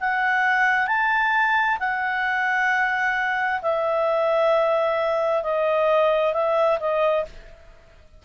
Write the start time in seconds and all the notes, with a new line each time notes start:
0.00 F#5
0.87 A5
1.79 F#5
3.62 E5
5.43 D#5
6.33 E5
6.79 D#5